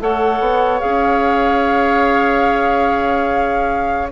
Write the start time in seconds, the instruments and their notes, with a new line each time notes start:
0.00 bassoon A3, clarinet A4, oboe C#5, flute F#5
0.40 bassoon B3
0.80 bassoon C#4, clarinet G#4, flute F5